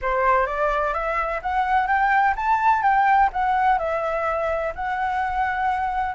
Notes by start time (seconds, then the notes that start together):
0.01 C5
0.46 D5
0.93 E5
1.42 F#5
1.87 G5
2.36 A5
2.82 G5
3.33 F#5
3.78 E5
4.75 F#5